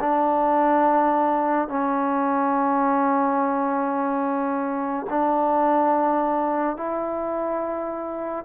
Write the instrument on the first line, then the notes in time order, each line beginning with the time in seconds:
trombone
0.00 D4
1.68 C#4
5.10 D4
6.77 E4